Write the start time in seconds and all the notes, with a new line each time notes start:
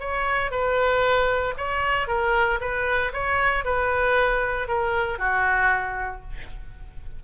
0.00 C#5
0.51 B4
1.58 C#5
2.08 A#4
2.61 B4
3.13 C#5
3.65 B4
4.68 A#4
5.19 F#4